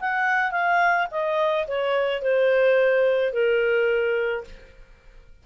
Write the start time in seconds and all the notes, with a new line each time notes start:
0.00 F#5
0.51 F5
1.11 D#5
1.67 C#5
2.22 C5
3.33 A#4